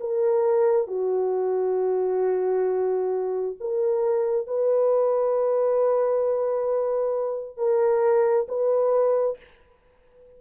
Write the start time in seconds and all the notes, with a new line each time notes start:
0.00 A#4
0.88 F#4
3.60 A#4
4.47 B4
7.57 A#4
8.48 B4